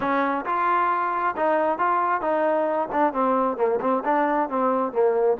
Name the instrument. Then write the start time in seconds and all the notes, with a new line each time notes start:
trombone
0.00 C#4
0.45 F4
1.36 D#4
1.78 F4
2.21 D#4
2.91 D4
3.13 C4
3.57 A#3
3.80 C4
4.04 D4
4.49 C4
4.92 A#3